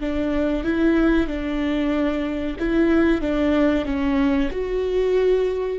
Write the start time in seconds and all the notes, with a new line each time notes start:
0.00 D4
0.64 E4
1.28 D4
2.59 E4
3.21 D4
3.85 C#4
4.51 F#4